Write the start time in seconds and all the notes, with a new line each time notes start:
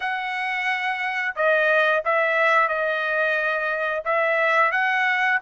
0.00 F#5
1.35 D#5
2.04 E5
2.68 D#5
4.04 E5
4.71 F#5